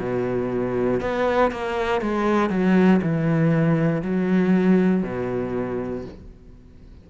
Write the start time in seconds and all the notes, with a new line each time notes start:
0.00 B2
1.01 B3
1.52 A#3
2.02 G#3
2.50 F#3
3.02 E3
4.03 F#3
5.03 B2